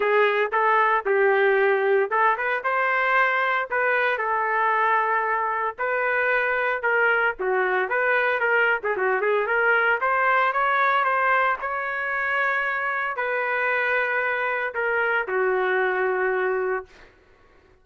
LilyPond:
\new Staff \with { instrumentName = "trumpet" } { \time 4/4 \tempo 4 = 114 gis'4 a'4 g'2 | a'8 b'8 c''2 b'4 | a'2. b'4~ | b'4 ais'4 fis'4 b'4 |
ais'8. gis'16 fis'8 gis'8 ais'4 c''4 | cis''4 c''4 cis''2~ | cis''4 b'2. | ais'4 fis'2. | }